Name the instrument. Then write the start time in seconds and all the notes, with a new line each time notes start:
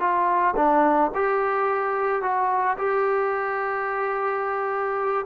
trombone
0.00 F4
0.56 D4
1.15 G4
2.22 F#4
2.78 G4